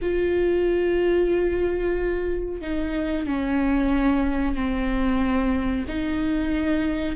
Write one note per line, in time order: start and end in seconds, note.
0.01 2.61 F4
2.61 3.26 D#4
3.26 4.55 C#4
4.55 5.85 C4
5.88 7.16 D#4